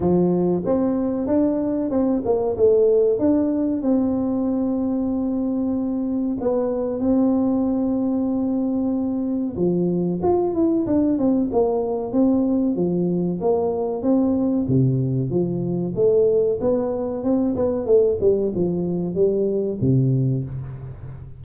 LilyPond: \new Staff \with { instrumentName = "tuba" } { \time 4/4 \tempo 4 = 94 f4 c'4 d'4 c'8 ais8 | a4 d'4 c'2~ | c'2 b4 c'4~ | c'2. f4 |
f'8 e'8 d'8 c'8 ais4 c'4 | f4 ais4 c'4 c4 | f4 a4 b4 c'8 b8 | a8 g8 f4 g4 c4 | }